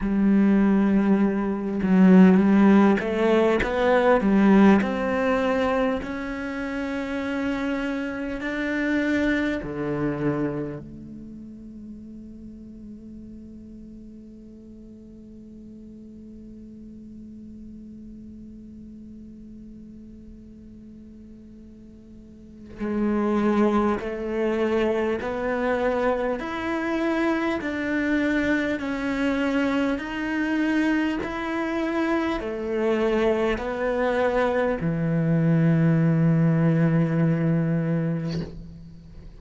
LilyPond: \new Staff \with { instrumentName = "cello" } { \time 4/4 \tempo 4 = 50 g4. fis8 g8 a8 b8 g8 | c'4 cis'2 d'4 | d4 a2.~ | a1~ |
a2. gis4 | a4 b4 e'4 d'4 | cis'4 dis'4 e'4 a4 | b4 e2. | }